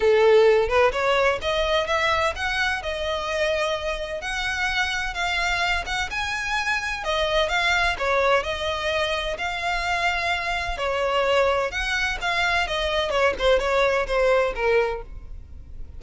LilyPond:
\new Staff \with { instrumentName = "violin" } { \time 4/4 \tempo 4 = 128 a'4. b'8 cis''4 dis''4 | e''4 fis''4 dis''2~ | dis''4 fis''2 f''4~ | f''8 fis''8 gis''2 dis''4 |
f''4 cis''4 dis''2 | f''2. cis''4~ | cis''4 fis''4 f''4 dis''4 | cis''8 c''8 cis''4 c''4 ais'4 | }